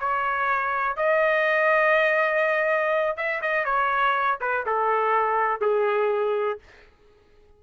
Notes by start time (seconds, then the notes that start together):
0.00 C#5
0.97 D#5
3.17 E5
3.42 D#5
3.65 C#5
4.41 B4
4.66 A4
5.61 G#4